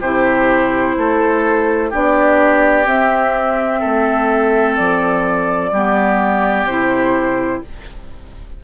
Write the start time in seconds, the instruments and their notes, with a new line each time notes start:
0.00 bassoon C3, clarinet E4, oboe G4, flute C5
0.97 bassoon A3, oboe A4
1.90 bassoon B3, clarinet D4, oboe G4, flute D5
2.85 clarinet C4, bassoon C4, flute E5
3.80 bassoon A3, oboe A4
4.76 bassoon F3, flute D5
5.71 bassoon G3, clarinet B3, oboe G4
6.65 bassoon C3, clarinet E4, flute C5